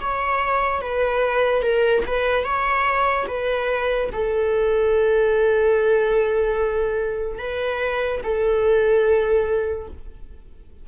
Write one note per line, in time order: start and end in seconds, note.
0.00 0.81 C#5
0.81 1.62 B4
1.62 2.03 A#4
2.07 2.44 B4
2.44 3.27 C#5
3.28 4.10 B4
4.13 7.39 A4
7.39 8.21 B4
8.23 9.88 A4